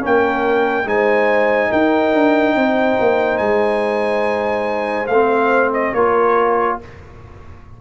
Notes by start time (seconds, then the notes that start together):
0.00 A#3 C#4 A#4 G5
0.85 G#3 D#4 C5 G#5
1.70 D#4 A#4 G5
2.14 D4
2.56 C4 C5
3.00 A#3
3.37 G#3 G#5
5.07 A3 F5
5.13 C4
5.74 D#5
5.93 A#3 F4 A#4 C#5